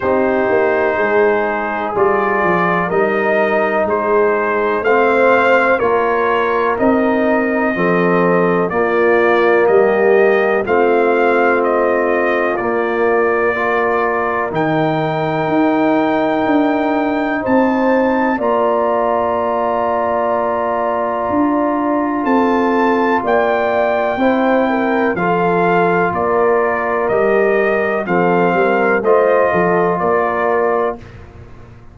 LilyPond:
<<
  \new Staff \with { instrumentName = "trumpet" } { \time 4/4 \tempo 4 = 62 c''2 d''4 dis''4 | c''4 f''4 cis''4 dis''4~ | dis''4 d''4 dis''4 f''4 | dis''4 d''2 g''4~ |
g''2 a''4 ais''4~ | ais''2. a''4 | g''2 f''4 d''4 | dis''4 f''4 dis''4 d''4 | }
  \new Staff \with { instrumentName = "horn" } { \time 4/4 g'4 gis'2 ais'4 | gis'4 c''4 ais'2 | a'4 f'4 g'4 f'4~ | f'2 ais'2~ |
ais'2 c''4 d''4~ | d''2. a'4 | d''4 c''8 ais'8 a'4 ais'4~ | ais'4 a'8 ais'8 c''8 a'8 ais'4 | }
  \new Staff \with { instrumentName = "trombone" } { \time 4/4 dis'2 f'4 dis'4~ | dis'4 c'4 f'4 dis'4 | c'4 ais2 c'4~ | c'4 ais4 f'4 dis'4~ |
dis'2. f'4~ | f'1~ | f'4 e'4 f'2 | g'4 c'4 f'2 | }
  \new Staff \with { instrumentName = "tuba" } { \time 4/4 c'8 ais8 gis4 g8 f8 g4 | gis4 a4 ais4 c'4 | f4 ais4 g4 a4~ | a4 ais2 dis4 |
dis'4 d'4 c'4 ais4~ | ais2 d'4 c'4 | ais4 c'4 f4 ais4 | g4 f8 g8 a8 f8 ais4 | }
>>